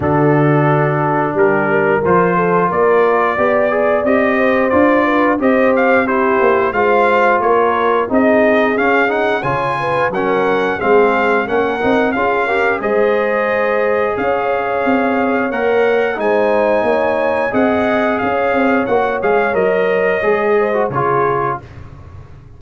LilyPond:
<<
  \new Staff \with { instrumentName = "trumpet" } { \time 4/4 \tempo 4 = 89 a'2 ais'4 c''4 | d''2 dis''4 d''4 | dis''8 f''8 c''4 f''4 cis''4 | dis''4 f''8 fis''8 gis''4 fis''4 |
f''4 fis''4 f''4 dis''4~ | dis''4 f''2 fis''4 | gis''2 fis''4 f''4 | fis''8 f''8 dis''2 cis''4 | }
  \new Staff \with { instrumentName = "horn" } { \time 4/4 fis'2 g'8 ais'4 a'8 | ais'4 d''4. c''4 b'8 | c''4 g'4 c''4 ais'4 | gis'2 cis''8 b'8 ais'4 |
gis'4 ais'4 gis'8 ais'8 c''4~ | c''4 cis''2. | c''4 cis''4 dis''4 cis''4~ | cis''2~ cis''8 c''8 gis'4 | }
  \new Staff \with { instrumentName = "trombone" } { \time 4/4 d'2. f'4~ | f'4 g'8 gis'8 g'4 f'4 | g'4 e'4 f'2 | dis'4 cis'8 dis'8 f'4 cis'4 |
c'4 cis'8 dis'8 f'8 g'8 gis'4~ | gis'2. ais'4 | dis'2 gis'2 | fis'8 gis'8 ais'4 gis'8. fis'16 f'4 | }
  \new Staff \with { instrumentName = "tuba" } { \time 4/4 d2 g4 f4 | ais4 b4 c'4 d'4 | c'4. ais8 gis4 ais4 | c'4 cis'4 cis4 fis4 |
gis4 ais8 c'8 cis'4 gis4~ | gis4 cis'4 c'4 ais4 | gis4 ais4 c'4 cis'8 c'8 | ais8 gis8 fis4 gis4 cis4 | }
>>